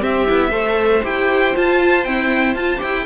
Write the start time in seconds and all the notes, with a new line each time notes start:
0.00 C4 G4 E5
0.28 B3 E4
0.50 A3 A4 C5
1.04 E4 G4 G5
1.54 F4 A5
2.04 C4 E4 G5
2.55 F4 A5
2.78 E4 G4 G5